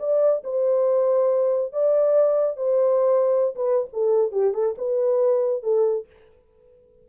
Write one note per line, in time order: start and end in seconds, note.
0.00 0.43 D5
0.44 1.73 C5
1.73 2.57 D5
2.57 3.55 C5
3.56 3.88 B4
3.93 4.32 A4
4.32 4.54 G4
4.54 4.76 A4
4.78 5.63 B4
5.63 6.07 A4